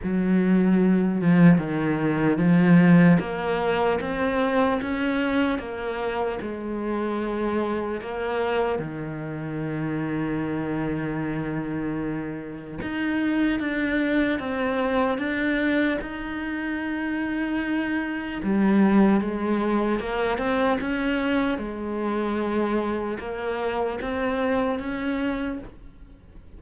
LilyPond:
\new Staff \with { instrumentName = "cello" } { \time 4/4 \tempo 4 = 75 fis4. f8 dis4 f4 | ais4 c'4 cis'4 ais4 | gis2 ais4 dis4~ | dis1 |
dis'4 d'4 c'4 d'4 | dis'2. g4 | gis4 ais8 c'8 cis'4 gis4~ | gis4 ais4 c'4 cis'4 | }